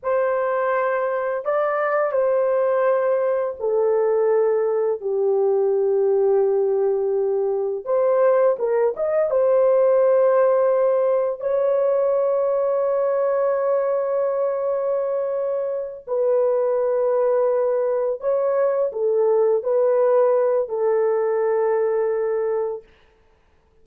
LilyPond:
\new Staff \with { instrumentName = "horn" } { \time 4/4 \tempo 4 = 84 c''2 d''4 c''4~ | c''4 a'2 g'4~ | g'2. c''4 | ais'8 dis''8 c''2. |
cis''1~ | cis''2~ cis''8 b'4.~ | b'4. cis''4 a'4 b'8~ | b'4 a'2. | }